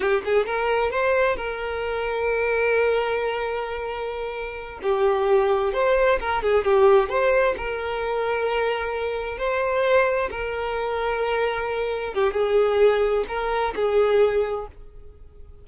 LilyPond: \new Staff \with { instrumentName = "violin" } { \time 4/4 \tempo 4 = 131 g'8 gis'8 ais'4 c''4 ais'4~ | ais'1~ | ais'2~ ais'8 g'4.~ | g'8 c''4 ais'8 gis'8 g'4 c''8~ |
c''8 ais'2.~ ais'8~ | ais'8 c''2 ais'4.~ | ais'2~ ais'8 g'8 gis'4~ | gis'4 ais'4 gis'2 | }